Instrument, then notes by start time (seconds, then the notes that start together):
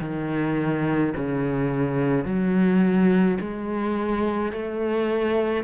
cello
0.00 D#3
1.16 C#3
2.25 F#3
3.40 G#3
4.52 A3